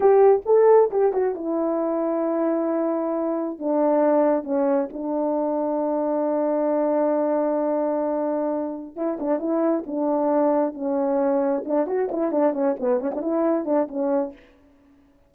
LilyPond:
\new Staff \with { instrumentName = "horn" } { \time 4/4 \tempo 4 = 134 g'4 a'4 g'8 fis'8 e'4~ | e'1 | d'2 cis'4 d'4~ | d'1~ |
d'1 | e'8 d'8 e'4 d'2 | cis'2 d'8 fis'8 e'8 d'8 | cis'8 b8 cis'16 d'16 e'4 d'8 cis'4 | }